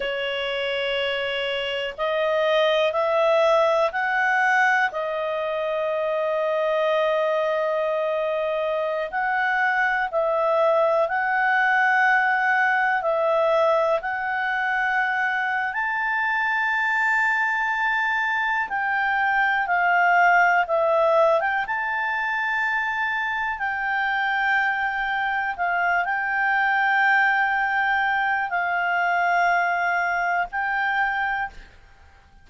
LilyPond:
\new Staff \with { instrumentName = "clarinet" } { \time 4/4 \tempo 4 = 61 cis''2 dis''4 e''4 | fis''4 dis''2.~ | dis''4~ dis''16 fis''4 e''4 fis''8.~ | fis''4~ fis''16 e''4 fis''4.~ fis''16 |
a''2. g''4 | f''4 e''8. g''16 a''2 | g''2 f''8 g''4.~ | g''4 f''2 g''4 | }